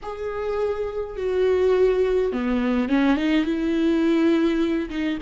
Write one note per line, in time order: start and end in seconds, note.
0.02 1.17 G#4
1.17 2.32 F#4
2.32 2.88 B3
2.88 3.16 C#4
3.16 3.45 D#4
3.45 4.89 E4
4.89 5.18 D#4